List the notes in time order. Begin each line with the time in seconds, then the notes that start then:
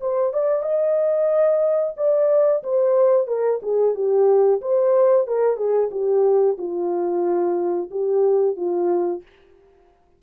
0.00 C5
0.33 D5
0.62 D#5
1.96 D5
2.63 C5
3.27 A#4
3.62 G#4
3.94 G4
4.61 C5
5.27 A#4
5.56 G#4
5.91 G4
6.58 F4
7.91 G4
8.56 F4